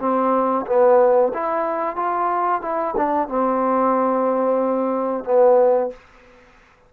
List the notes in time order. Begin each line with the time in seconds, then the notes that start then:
0.00 C4
0.67 B3
1.34 E4
1.96 F4
2.62 E4
2.97 D4
3.29 C4
5.25 B3